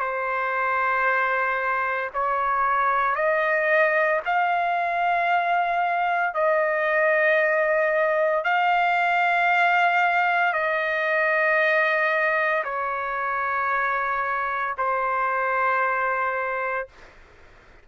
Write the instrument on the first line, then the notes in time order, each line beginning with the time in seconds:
trumpet
0.00 C5
2.14 C#5
3.15 D#5
4.25 F5
6.34 D#5
8.44 F5
10.53 D#5
12.64 C#5
14.78 C5